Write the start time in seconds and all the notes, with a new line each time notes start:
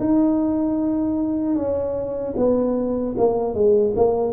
0.00 D#4
1.56 C#4
2.37 B3
3.18 A#3
3.55 G#3
3.96 A#3